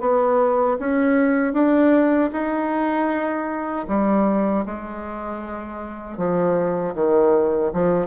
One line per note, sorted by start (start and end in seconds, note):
0.00 0.77 B3
0.79 1.53 C#4
1.53 2.30 D4
2.32 3.86 D#4
3.88 4.65 G3
4.65 6.17 G#3
6.17 6.94 F3
6.94 7.71 D#3
7.73 8.06 F3